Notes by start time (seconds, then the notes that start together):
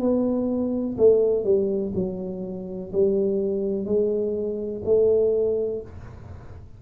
0.00 B3
0.98 A3
1.44 G3
1.95 F#3
2.93 G3
3.85 G#3
4.85 A3